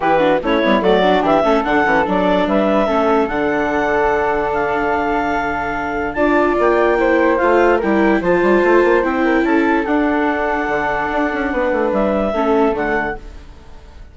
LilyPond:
<<
  \new Staff \with { instrumentName = "clarinet" } { \time 4/4 \tempo 4 = 146 b'4 cis''4 d''4 e''4 | fis''4 d''4 e''2 | fis''2. f''4~ | f''2. a''4 |
g''2 f''4 g''4 | a''2 g''4 a''4 | fis''1~ | fis''4 e''2 fis''4 | }
  \new Staff \with { instrumentName = "flute" } { \time 4/4 g'8 fis'8 e'4 fis'4 g'8 a'8~ | a'2 b'4 a'4~ | a'1~ | a'2. d''4~ |
d''4 c''2 ais'4 | c''2~ c''8 ais'8 a'4~ | a'1 | b'2 a'2 | }
  \new Staff \with { instrumentName = "viola" } { \time 4/4 e'8 d'8 cis'8 b8 a8 d'4 cis'8 | d'8 cis'8 d'2 cis'4 | d'1~ | d'2. f'4~ |
f'4 e'4 f'4 e'4 | f'2 e'2 | d'1~ | d'2 cis'4 a4 | }
  \new Staff \with { instrumentName = "bassoon" } { \time 4/4 e4 a8 g8 fis4 e8 a8 | d8 e8 fis4 g4 a4 | d1~ | d2. d'4 |
ais2 a4 g4 | f8 g8 a8 ais8 c'4 cis'4 | d'2 d4 d'8 cis'8 | b8 a8 g4 a4 d4 | }
>>